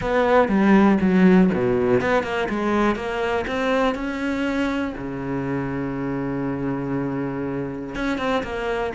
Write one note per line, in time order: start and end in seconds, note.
0.01 0.48 B3
0.48 0.98 G3
1.00 1.50 F#3
1.53 2.00 B2
2.00 2.23 B3
2.23 2.48 A#3
2.49 2.95 G#3
2.95 3.45 A#3
3.47 3.94 C4
3.94 4.94 C#4
4.97 7.95 C#3
7.95 8.18 C#4
8.18 8.42 C4
8.43 8.92 A#3